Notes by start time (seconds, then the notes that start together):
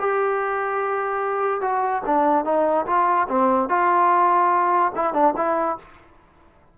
0.00 G4
1.61 F#4
2.06 D4
2.45 D#4
2.87 F4
3.29 C4
3.69 F4
4.96 E4
5.14 D4
5.37 E4